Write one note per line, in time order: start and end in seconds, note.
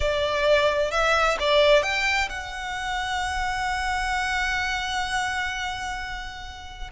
0.00 0.91 D5
0.91 1.37 E5
1.39 1.82 D5
1.82 2.28 G5
2.29 6.90 F#5